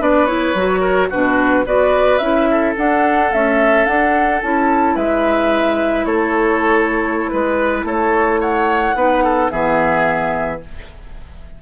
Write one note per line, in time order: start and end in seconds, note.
0.00 0.55 B3
0.00 0.28 D4
0.00 0.81 B4
0.00 0.27 D5
0.27 0.55 E4
0.27 1.09 C#5
0.55 1.10 F#3
0.55 1.12 F#4
0.81 1.08 A#4
1.10 1.66 B2
1.10 1.66 D4
1.10 1.65 F#4
1.10 1.67 B4
1.66 2.20 B3
1.66 2.21 F#4
1.66 2.49 B4
1.66 2.19 D5
2.19 2.75 C#4
2.19 2.77 E4
2.19 2.74 E5
2.51 4.96 A4
2.77 3.32 D4
2.77 3.33 D4
2.77 3.33 F#5
3.32 3.86 A3
3.32 3.87 C#4
3.32 3.86 E5
3.86 4.41 D4
3.86 4.42 D4
3.86 4.41 F#5
4.42 4.96 C#4
4.42 8.97 E4
4.42 4.97 A5
4.96 6.06 G#3
4.96 6.06 B4
4.96 6.06 E5
6.06 7.30 A3
6.06 7.31 A4
6.06 7.30 C#5
7.30 7.84 G#3
7.30 7.85 B4
7.30 7.86 B4
7.84 8.94 A3
7.84 8.41 A4
7.84 8.42 C#5
8.41 8.96 C#5
8.41 9.51 F#5
8.95 9.50 B3
8.95 9.51 D#4
8.95 9.24 B4
9.24 9.52 A4
9.51 10.62 E3
9.51 10.61 B3
9.51 10.62 G#4
9.51 10.61 E5